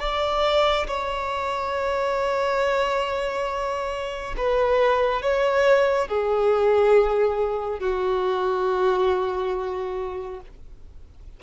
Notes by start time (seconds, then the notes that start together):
0.00 D5
0.88 C#5
4.38 B4
5.22 C#5
6.08 G#4
7.80 F#4